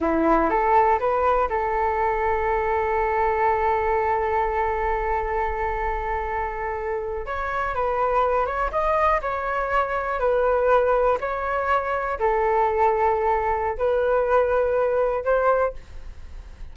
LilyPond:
\new Staff \with { instrumentName = "flute" } { \time 4/4 \tempo 4 = 122 e'4 a'4 b'4 a'4~ | a'1~ | a'1~ | a'2~ a'8. cis''4 b'16~ |
b'4~ b'16 cis''8 dis''4 cis''4~ cis''16~ | cis''8. b'2 cis''4~ cis''16~ | cis''8. a'2.~ a'16 | b'2. c''4 | }